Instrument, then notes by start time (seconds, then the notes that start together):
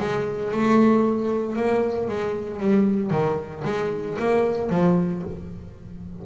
double bass
0.00 G#3
0.52 A3
1.56 A#3
2.09 G#3
2.60 G3
3.11 D#3
3.65 G#3
4.19 A#3
4.70 F3